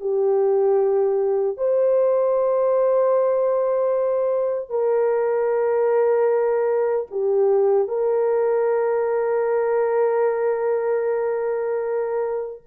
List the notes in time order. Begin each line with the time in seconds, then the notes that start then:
0.00 G4
1.57 C5
4.69 A#4
7.11 G4
7.88 A#4